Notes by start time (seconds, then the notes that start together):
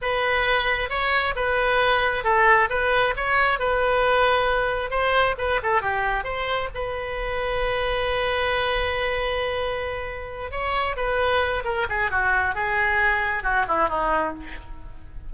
0.01 B4
0.89 C#5
1.35 B4
2.24 A4
2.69 B4
3.16 C#5
3.59 B4
4.90 C5
5.38 B4
5.63 A4
5.81 G4
6.24 C5
6.74 B4
10.51 C#5
10.96 B4
11.64 A#4
11.89 G#4
12.10 F#4
12.54 G#4
13.43 F#4
13.68 E4
13.88 D#4